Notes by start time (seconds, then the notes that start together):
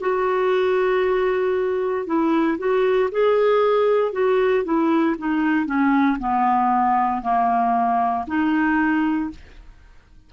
0.00 F#4
2.06 E4
2.58 F#4
3.11 G#4
4.12 F#4
4.64 E4
5.18 D#4
5.66 C#4
6.19 B3
7.22 A#3
8.27 D#4